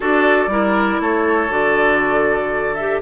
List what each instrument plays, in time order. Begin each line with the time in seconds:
0.00 bassoon D4, clarinet F#4, oboe A4, flute D5
0.47 bassoon G3, clarinet E4, oboe A#4
1.00 bassoon A3, oboe A4, flute C#5
1.49 bassoon D3, clarinet F#4, flute D5
2.74 clarinet G4, flute E5